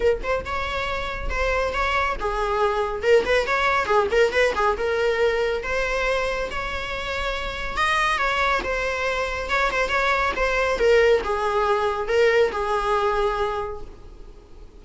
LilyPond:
\new Staff \with { instrumentName = "viola" } { \time 4/4 \tempo 4 = 139 ais'8 c''8 cis''2 c''4 | cis''4 gis'2 ais'8 b'8 | cis''4 gis'8 ais'8 b'8 gis'8 ais'4~ | ais'4 c''2 cis''4~ |
cis''2 dis''4 cis''4 | c''2 cis''8 c''8 cis''4 | c''4 ais'4 gis'2 | ais'4 gis'2. | }